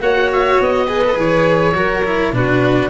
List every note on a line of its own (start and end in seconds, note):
0.00 0.58 A#3
0.00 0.88 F#4
0.00 0.86 C#5
0.00 0.30 F#5
0.32 0.61 E5
0.60 1.16 B3
0.60 1.19 D#5
0.86 1.03 G#4
0.86 1.73 B4
1.04 1.15 A4
1.15 1.74 E3
1.15 1.73 G#4
1.15 2.34 C#5
1.74 2.32 F#3
1.74 2.03 F#4
1.74 2.34 A#4
2.04 2.33 E4
2.32 2.90 B2
2.32 2.90 D4
2.32 2.90 F#4
2.32 2.90 B4